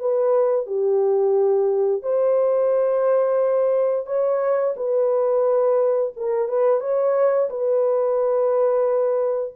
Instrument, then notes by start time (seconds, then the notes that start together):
horn
0.00 B4
0.66 G4
2.02 C5
4.06 C#5
4.77 B4
6.16 A#4
6.48 B4
6.81 C#5
7.50 B4